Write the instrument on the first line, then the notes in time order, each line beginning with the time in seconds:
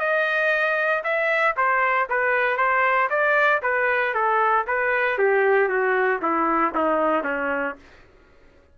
trumpet
0.00 D#5
1.04 E5
1.57 C5
2.10 B4
2.58 C5
3.10 D5
3.63 B4
4.14 A4
4.68 B4
5.19 G4
5.69 F#4
6.22 E4
6.75 D#4
7.24 C#4